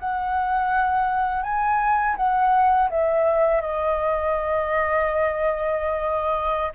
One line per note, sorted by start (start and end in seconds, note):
0.00 1.43 F#5
1.43 2.16 G#5
2.17 2.90 F#5
2.90 3.62 E5
3.62 6.73 D#5